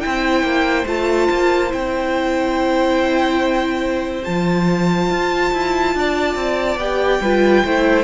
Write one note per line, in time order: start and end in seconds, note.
0.00 0.42 C4
0.00 0.85 E4
0.00 5.96 C5
0.00 0.85 G5
0.42 0.85 A#3
0.86 1.28 A3
0.86 1.69 F4
0.86 1.72 A5
1.30 1.73 A#3
1.69 4.27 C4
1.69 4.23 E4
1.69 4.23 G5
4.23 5.10 F3
4.23 6.77 F4
4.23 6.77 A5
5.10 5.52 F4
5.52 5.95 E4
5.95 6.35 D4
5.95 7.22 D5
6.35 6.77 C4
6.77 7.19 B3
6.77 7.21 G4
6.77 8.04 G5
7.21 7.63 G3
7.21 7.66 F4
7.21 7.65 B4
7.64 8.04 A3
7.64 8.04 E4
7.64 8.04 C5